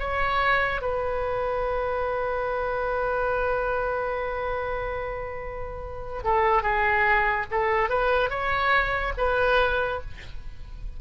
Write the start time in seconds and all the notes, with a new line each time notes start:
0.00 C#5
0.82 B4
6.24 A4
6.63 G#4
7.51 A4
7.90 B4
8.30 C#5
9.18 B4